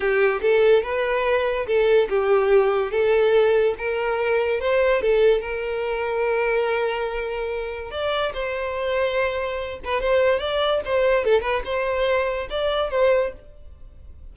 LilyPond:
\new Staff \with { instrumentName = "violin" } { \time 4/4 \tempo 4 = 144 g'4 a'4 b'2 | a'4 g'2 a'4~ | a'4 ais'2 c''4 | a'4 ais'2.~ |
ais'2. d''4 | c''2.~ c''8 b'8 | c''4 d''4 c''4 a'8 b'8 | c''2 d''4 c''4 | }